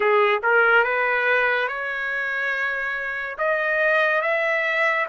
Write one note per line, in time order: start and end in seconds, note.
0.00 0.39 G#4
0.42 0.83 A#4
0.83 1.67 B4
1.67 3.36 C#5
3.38 4.21 D#5
4.21 5.06 E5